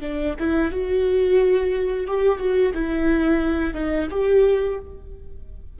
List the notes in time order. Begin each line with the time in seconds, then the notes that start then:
0.00 D4
0.39 E4
0.71 F#4
2.07 G4
2.38 F#4
2.74 E4
3.73 D#4
4.10 G4